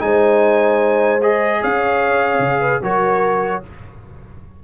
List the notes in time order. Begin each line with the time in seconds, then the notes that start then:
0.00 G#3 D#4 C5 G#5
1.22 G#4 D#5
1.61 C#4 C#5 F5
2.39 C#3
2.60 B4
2.83 F#3 F#4 A#4 C#5